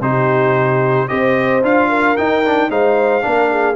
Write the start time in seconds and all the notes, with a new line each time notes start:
0.00 C3 D#4 G4 C5
1.08 C4 G4 C5 D#5
1.62 D4 F4 F5
1.89 A#4
2.16 D#4 G5
2.44 D4
2.69 G#3 D#4 C5 F5
3.21 A#3 D4 A#4
3.51 G#4